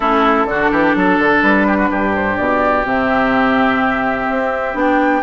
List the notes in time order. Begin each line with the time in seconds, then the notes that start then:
0.00 A3 C#4 E4 A4
0.45 D3 D4 F#4
0.71 E3 G4
0.95 F#3 A4
1.19 D3
1.42 G3 B4
1.67 G4
1.76 F#4
1.90 G2 G4
2.15 C5
2.36 B2 D5
2.84 C3 C4 E5
4.29 C4
4.73 B3 D4 G5